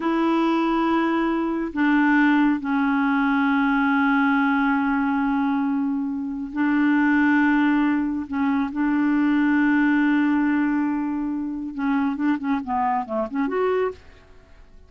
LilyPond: \new Staff \with { instrumentName = "clarinet" } { \time 4/4 \tempo 4 = 138 e'1 | d'2 cis'2~ | cis'1~ | cis'2. d'4~ |
d'2. cis'4 | d'1~ | d'2. cis'4 | d'8 cis'8 b4 a8 cis'8 fis'4 | }